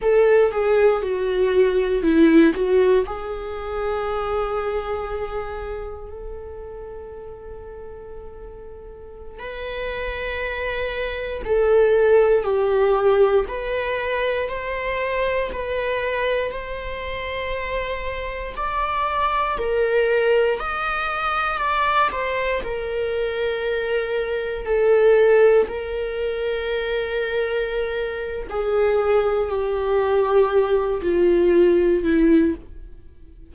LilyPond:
\new Staff \with { instrumentName = "viola" } { \time 4/4 \tempo 4 = 59 a'8 gis'8 fis'4 e'8 fis'8 gis'4~ | gis'2 a'2~ | a'4~ a'16 b'2 a'8.~ | a'16 g'4 b'4 c''4 b'8.~ |
b'16 c''2 d''4 ais'8.~ | ais'16 dis''4 d''8 c''8 ais'4.~ ais'16~ | ais'16 a'4 ais'2~ ais'8. | gis'4 g'4. f'4 e'8 | }